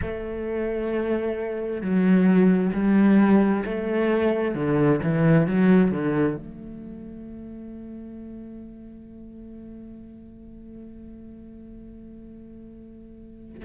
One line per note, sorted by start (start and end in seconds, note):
0.01 1.81 A3
1.81 2.72 F#3
2.73 3.64 G3
3.65 4.55 A3
4.55 5.00 D3
5.02 5.46 E3
5.46 5.91 F#3
5.91 6.36 D3
6.36 13.64 A3